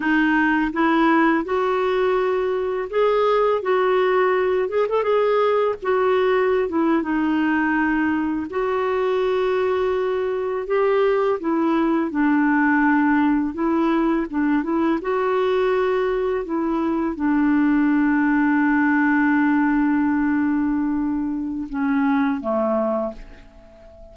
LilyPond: \new Staff \with { instrumentName = "clarinet" } { \time 4/4 \tempo 4 = 83 dis'4 e'4 fis'2 | gis'4 fis'4. gis'16 a'16 gis'4 | fis'4~ fis'16 e'8 dis'2 fis'16~ | fis'2~ fis'8. g'4 e'16~ |
e'8. d'2 e'4 d'16~ | d'16 e'8 fis'2 e'4 d'16~ | d'1~ | d'2 cis'4 a4 | }